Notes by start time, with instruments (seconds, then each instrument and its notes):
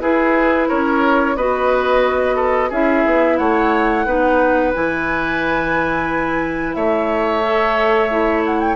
0.00 bassoon E4, clarinet E4, oboe G#4, flute B4
0.68 bassoon C#4, oboe A#4, flute C#5
1.36 bassoon B3, clarinet F#4, oboe B4, flute D#5
2.36 oboe A4
2.69 bassoon C#4, clarinet E4, oboe G#4, flute E5
3.05 bassoon B3
3.37 bassoon A3, oboe C#5, flute F#5
4.05 bassoon B3, clarinet D#4, oboe B4
4.73 bassoon E3, clarinet E4, flute G#5
6.74 bassoon A3, oboe C#5, flute E5
7.42 clarinet A4
8.10 clarinet E4
8.45 flute F#5
8.60 flute G5